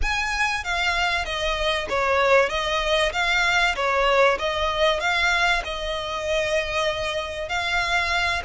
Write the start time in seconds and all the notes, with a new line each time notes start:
0.01 G#5
0.63 F5
1.25 D#5
1.89 C#5
2.49 D#5
3.12 F5
3.75 C#5
4.38 D#5
4.99 F5
5.64 D#5
7.48 F5